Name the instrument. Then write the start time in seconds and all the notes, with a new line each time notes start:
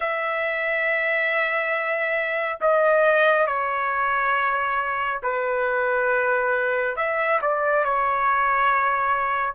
trumpet
0.00 E5
2.60 D#5
3.47 C#5
5.23 B4
6.96 E5
7.41 D5
7.84 C#5